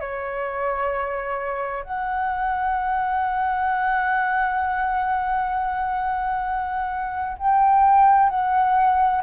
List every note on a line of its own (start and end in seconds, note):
0.00 1.83 C#5
1.83 7.37 F#5
7.38 8.29 G5
8.29 9.21 F#5